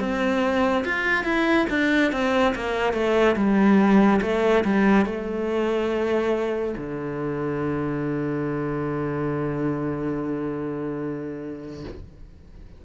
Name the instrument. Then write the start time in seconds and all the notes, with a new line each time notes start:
cello
0.00 C4
0.85 F4
1.24 E4
1.70 D4
2.12 C4
2.55 A#3
2.93 A3
3.36 G3
4.22 A3
4.64 G3
5.06 A3
6.77 D3